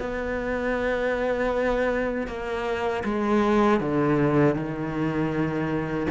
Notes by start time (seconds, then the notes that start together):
0.00 B3
2.28 A#3
3.05 G#3
3.81 D3
4.55 D#3